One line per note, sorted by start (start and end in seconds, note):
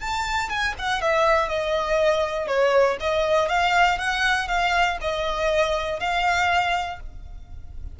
0.00 0.49 A5
0.49 0.74 G#5
0.78 1.01 F#5
1.01 1.48 E5
1.48 2.47 D#5
2.47 2.97 C#5
3.00 3.48 D#5
3.48 3.98 F5
3.98 4.47 F#5
4.47 4.97 F5
5.01 6.00 D#5
6.00 7.00 F5